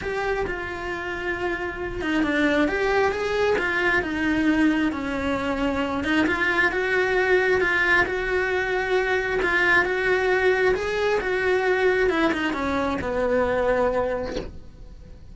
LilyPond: \new Staff \with { instrumentName = "cello" } { \time 4/4 \tempo 4 = 134 g'4 f'2.~ | f'8 dis'8 d'4 g'4 gis'4 | f'4 dis'2 cis'4~ | cis'4. dis'8 f'4 fis'4~ |
fis'4 f'4 fis'2~ | fis'4 f'4 fis'2 | gis'4 fis'2 e'8 dis'8 | cis'4 b2. | }